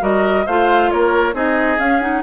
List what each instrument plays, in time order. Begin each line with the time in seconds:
0.00 bassoon G3, clarinet F#4, oboe A#4, flute D#5
0.46 bassoon A3, clarinet F4, oboe C5, flute F5
0.91 bassoon A#3, oboe A#4, flute C#5
1.33 bassoon C4, clarinet D#4, oboe G#4, flute D#5
1.79 bassoon C#4, clarinet C#4, flute F5
2.00 clarinet D#4, flute F#5